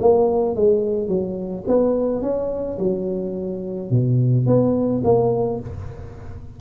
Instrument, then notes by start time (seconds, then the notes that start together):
tuba
0.00 A#3
0.56 G#3
1.08 F#3
1.68 B3
2.22 C#4
2.79 F#3
3.91 B2
4.47 B3
5.04 A#3